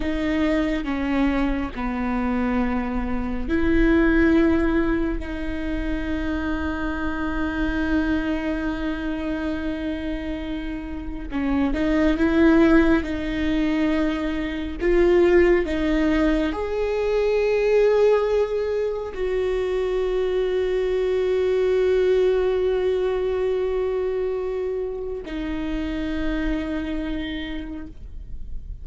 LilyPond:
\new Staff \with { instrumentName = "viola" } { \time 4/4 \tempo 4 = 69 dis'4 cis'4 b2 | e'2 dis'2~ | dis'1~ | dis'4 cis'8 dis'8 e'4 dis'4~ |
dis'4 f'4 dis'4 gis'4~ | gis'2 fis'2~ | fis'1~ | fis'4 dis'2. | }